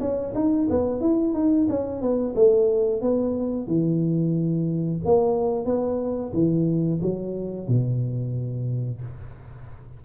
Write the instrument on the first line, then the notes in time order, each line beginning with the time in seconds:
tuba
0.00 C#4
0.35 D#4
0.69 B3
1.00 E4
1.34 D#4
1.69 C#4
2.01 B3
2.35 A3
3.02 B3
3.67 E3
5.05 A#3
5.65 B3
6.33 E3
7.01 F#3
7.68 B2